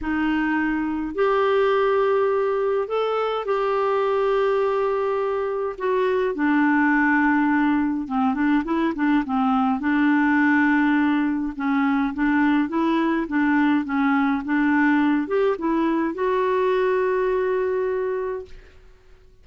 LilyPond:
\new Staff \with { instrumentName = "clarinet" } { \time 4/4 \tempo 4 = 104 dis'2 g'2~ | g'4 a'4 g'2~ | g'2 fis'4 d'4~ | d'2 c'8 d'8 e'8 d'8 |
c'4 d'2. | cis'4 d'4 e'4 d'4 | cis'4 d'4. g'8 e'4 | fis'1 | }